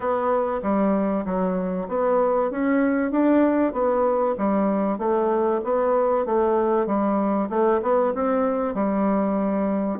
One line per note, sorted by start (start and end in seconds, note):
0.00 0.61 B3
0.62 1.24 G3
1.25 1.88 F#3
1.88 2.50 B3
2.50 3.11 C#4
3.11 3.72 D4
3.72 4.35 B3
4.37 4.98 G3
4.98 5.61 A3
5.64 6.25 B3
6.25 6.86 A3
6.86 7.48 G3
7.49 7.80 A3
7.82 8.13 B3
8.14 8.74 C4
8.74 9.99 G3